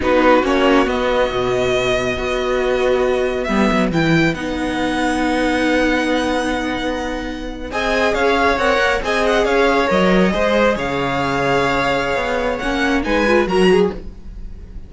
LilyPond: <<
  \new Staff \with { instrumentName = "violin" } { \time 4/4 \tempo 4 = 138 b'4 cis''4 dis''2~ | dis''1 | e''4 g''4 fis''2~ | fis''1~ |
fis''4.~ fis''16 gis''4 f''4 fis''16~ | fis''8. gis''8 fis''8 f''4 dis''4~ dis''16~ | dis''8. f''2.~ f''16~ | f''4 fis''4 gis''4 ais''4 | }
  \new Staff \with { instrumentName = "violin" } { \time 4/4 fis'1~ | fis'4 b'2.~ | b'1~ | b'1~ |
b'4.~ b'16 dis''4 cis''4~ cis''16~ | cis''8. dis''4 cis''2 c''16~ | c''8. cis''2.~ cis''16~ | cis''2 b'4 ais'8 gis'8 | }
  \new Staff \with { instrumentName = "viola" } { \time 4/4 dis'4 cis'4 b2~ | b4 fis'2. | b4 e'4 dis'2~ | dis'1~ |
dis'4.~ dis'16 gis'2 ais'16~ | ais'8. gis'2 ais'4 gis'16~ | gis'1~ | gis'4 cis'4 dis'8 f'8 fis'4 | }
  \new Staff \with { instrumentName = "cello" } { \time 4/4 b4 ais4 b4 b,4~ | b,4 b2. | g8 fis8 e4 b2~ | b1~ |
b4.~ b16 c'4 cis'4 c'16~ | c'16 ais8 c'4 cis'4 fis4 gis16~ | gis8. cis2.~ cis16 | b4 ais4 gis4 fis4 | }
>>